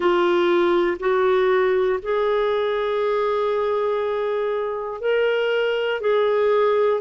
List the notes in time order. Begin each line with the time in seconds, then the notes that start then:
0.00 F4
1.00 F#4
2.02 G#4
5.00 A#4
6.00 G#4